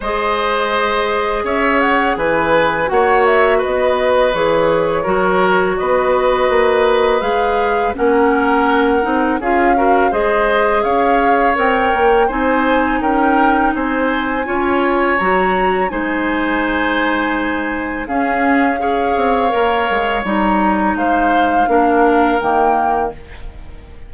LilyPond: <<
  \new Staff \with { instrumentName = "flute" } { \time 4/4 \tempo 4 = 83 dis''2 e''8 fis''8 gis''4 | fis''8 e''8 dis''4 cis''2 | dis''2 f''4 fis''4~ | fis''4 f''4 dis''4 f''4 |
g''4 gis''4 g''4 gis''4~ | gis''4 ais''4 gis''2~ | gis''4 f''2. | ais''4 f''2 g''4 | }
  \new Staff \with { instrumentName = "oboe" } { \time 4/4 c''2 cis''4 b'4 | cis''4 b'2 ais'4 | b'2. ais'4~ | ais'4 gis'8 ais'8 c''4 cis''4~ |
cis''4 c''4 ais'4 c''4 | cis''2 c''2~ | c''4 gis'4 cis''2~ | cis''4 c''4 ais'2 | }
  \new Staff \with { instrumentName = "clarinet" } { \time 4/4 gis'1 | fis'2 gis'4 fis'4~ | fis'2 gis'4 cis'4~ | cis'8 dis'8 f'8 fis'8 gis'2 |
ais'4 dis'2. | f'4 fis'4 dis'2~ | dis'4 cis'4 gis'4 ais'4 | dis'2 d'4 ais4 | }
  \new Staff \with { instrumentName = "bassoon" } { \time 4/4 gis2 cis'4 e4 | ais4 b4 e4 fis4 | b4 ais4 gis4 ais4~ | ais8 c'8 cis'4 gis4 cis'4 |
c'8 ais8 c'4 cis'4 c'4 | cis'4 fis4 gis2~ | gis4 cis'4. c'8 ais8 gis8 | g4 gis4 ais4 dis4 | }
>>